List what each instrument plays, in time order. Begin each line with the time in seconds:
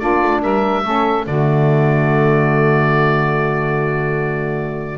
0.00 double bass A#3, saxophone D4 F4, oboe D5
0.22 double bass A3
0.42 double bass G3, saxophone A#4, oboe E5
0.84 double bass A3, saxophone C#4 A4
1.26 double bass D3, saxophone A3 F#4, oboe D5